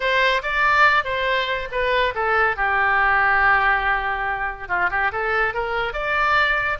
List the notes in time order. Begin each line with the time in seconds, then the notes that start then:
0.00 C5
0.42 D5
1.04 C5
1.71 B4
2.14 A4
2.56 G4
4.68 F4
4.90 G4
5.12 A4
5.53 A#4
5.93 D5